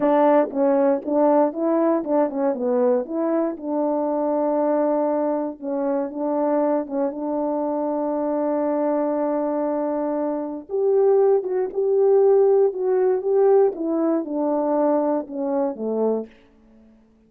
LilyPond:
\new Staff \with { instrumentName = "horn" } { \time 4/4 \tempo 4 = 118 d'4 cis'4 d'4 e'4 | d'8 cis'8 b4 e'4 d'4~ | d'2. cis'4 | d'4. cis'8 d'2~ |
d'1~ | d'4 g'4. fis'8 g'4~ | g'4 fis'4 g'4 e'4 | d'2 cis'4 a4 | }